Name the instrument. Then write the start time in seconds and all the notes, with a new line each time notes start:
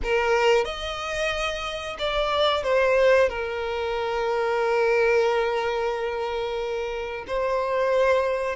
violin
0.03 A#4
0.64 D#5
1.98 D5
2.63 C5
3.29 A#4
7.27 C5